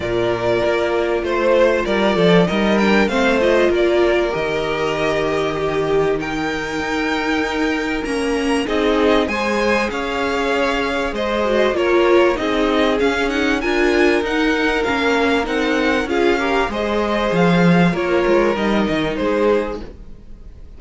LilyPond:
<<
  \new Staff \with { instrumentName = "violin" } { \time 4/4 \tempo 4 = 97 d''2 c''4 d''4 | dis''8 g''8 f''8 dis''8 d''4 dis''4~ | dis''2 g''2~ | g''4 ais''4 dis''4 gis''4 |
f''2 dis''4 cis''4 | dis''4 f''8 fis''8 gis''4 fis''4 | f''4 fis''4 f''4 dis''4 | f''4 cis''4 dis''4 c''4 | }
  \new Staff \with { instrumentName = "violin" } { \time 4/4 ais'2 c''4 ais'8 a'8 | ais'4 c''4 ais'2~ | ais'4 g'4 ais'2~ | ais'2 gis'4 c''4 |
cis''2 c''4 ais'4 | gis'2 ais'2~ | ais'2 gis'8 ais'8 c''4~ | c''4 ais'2 gis'4 | }
  \new Staff \with { instrumentName = "viola" } { \time 4/4 f'1 | dis'8 d'8 c'8 f'4. g'4~ | g'2 dis'2~ | dis'4 cis'4 dis'4 gis'4~ |
gis'2~ gis'8 fis'8 f'4 | dis'4 cis'8 dis'8 f'4 dis'4 | cis'4 dis'4 f'8 g'8 gis'4~ | gis'4 f'4 dis'2 | }
  \new Staff \with { instrumentName = "cello" } { \time 4/4 ais,4 ais4 a4 g8 f8 | g4 a4 ais4 dis4~ | dis2. dis'4~ | dis'4 ais4 c'4 gis4 |
cis'2 gis4 ais4 | c'4 cis'4 d'4 dis'4 | ais4 c'4 cis'4 gis4 | f4 ais8 gis8 g8 dis8 gis4 | }
>>